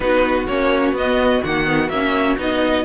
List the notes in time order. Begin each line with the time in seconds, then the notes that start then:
0.00 B3 D#4 F#4 B4
0.47 A#3 C#4 C#5
0.92 B3 D#5
1.43 D#3 A#3 F#5
1.65 B3
1.89 A#3 C#4 E5
2.37 B3 D#4 D#5